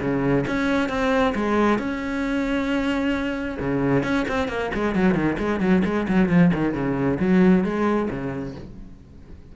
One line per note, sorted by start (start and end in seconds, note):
0.00 0.45 C#3
0.47 0.89 C#4
0.89 1.34 C4
1.35 1.78 G#3
1.78 3.58 C#4
3.59 4.03 C#3
4.03 4.26 C#4
4.28 4.48 C4
4.48 4.70 A#3
4.74 4.95 G#3
4.95 5.14 F#3
5.14 5.37 D#3
5.38 5.60 G#3
5.60 5.82 F#3
5.84 6.07 G#3
6.08 6.28 F#3
6.28 6.51 F3
6.54 6.73 D#3
6.73 7.18 C#3
7.19 7.64 F#3
7.64 8.09 G#3
8.10 8.55 C#3